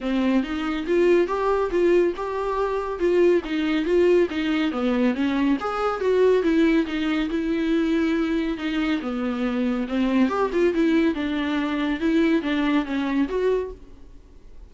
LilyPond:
\new Staff \with { instrumentName = "viola" } { \time 4/4 \tempo 4 = 140 c'4 dis'4 f'4 g'4 | f'4 g'2 f'4 | dis'4 f'4 dis'4 b4 | cis'4 gis'4 fis'4 e'4 |
dis'4 e'2. | dis'4 b2 c'4 | g'8 f'8 e'4 d'2 | e'4 d'4 cis'4 fis'4 | }